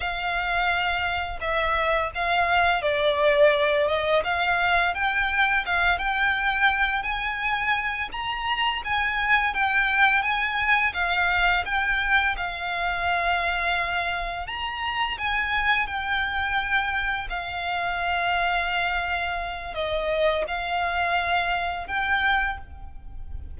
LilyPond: \new Staff \with { instrumentName = "violin" } { \time 4/4 \tempo 4 = 85 f''2 e''4 f''4 | d''4. dis''8 f''4 g''4 | f''8 g''4. gis''4. ais''8~ | ais''8 gis''4 g''4 gis''4 f''8~ |
f''8 g''4 f''2~ f''8~ | f''8 ais''4 gis''4 g''4.~ | g''8 f''2.~ f''8 | dis''4 f''2 g''4 | }